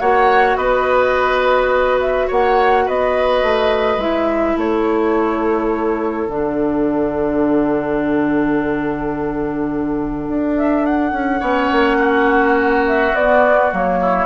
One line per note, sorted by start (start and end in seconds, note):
0.00 0.57 A#3
0.00 4.00 F#4
0.00 0.57 C#5
0.00 0.57 F#5
0.57 2.28 B3
0.57 2.28 B4
0.57 2.00 D#5
2.00 2.29 E5
2.28 2.88 A#3
2.28 2.85 C#5
2.28 2.88 F#5
2.86 3.43 B3
2.86 4.56 B4
2.86 4.00 D#5
3.43 3.98 A3
3.98 4.55 G#3
3.98 6.29 E4
3.98 4.57 E5
4.56 6.28 A3
4.56 11.40 A4
4.56 6.30 C#5
6.28 10.28 D3
6.28 11.40 D4
6.28 10.57 F#5
10.28 11.12 D4
10.57 10.86 E5
10.86 12.86 F#5
11.12 11.41 C#4
11.40 11.70 B3
11.40 13.12 C#4
11.40 11.97 C#5
11.72 13.14 A#3
11.99 13.99 F#4
12.87 13.16 E5
13.14 13.71 B3
13.14 13.72 B3
13.14 13.73 D5
13.72 14.26 F#3
13.72 14.26 A#3
13.72 14.26 C#5
14.02 14.26 E4